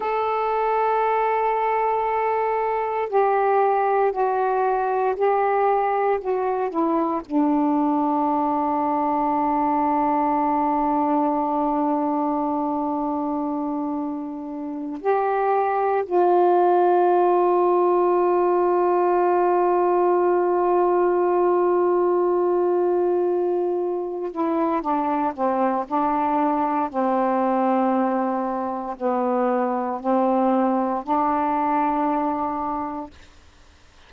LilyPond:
\new Staff \with { instrumentName = "saxophone" } { \time 4/4 \tempo 4 = 58 a'2. g'4 | fis'4 g'4 fis'8 e'8 d'4~ | d'1~ | d'2~ d'8 g'4 f'8~ |
f'1~ | f'2.~ f'8 e'8 | d'8 c'8 d'4 c'2 | b4 c'4 d'2 | }